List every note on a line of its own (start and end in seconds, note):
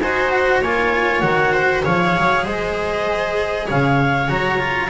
0.00 0.61 D#4
0.00 0.65 F#4
0.00 0.61 C5
0.00 0.30 G#5
0.30 0.61 F#5
0.61 1.23 A#3
0.61 1.23 F4
0.61 1.53 C#5
0.61 1.20 G#5
1.20 1.84 D#3
1.20 1.83 F#4
1.20 1.81 F#5
1.53 1.83 C5
1.83 2.17 F3
1.83 4.28 G#4
1.83 2.43 C#5
1.83 2.46 F5
2.17 2.46 F#3
2.43 3.68 G#3
2.43 3.66 C5
2.43 3.68 D#5
3.66 4.30 C#3
3.66 4.89 C#5
3.66 4.29 F5
4.28 4.90 F#3
4.28 4.58 F#4
4.28 4.90 A#5
4.58 4.89 F4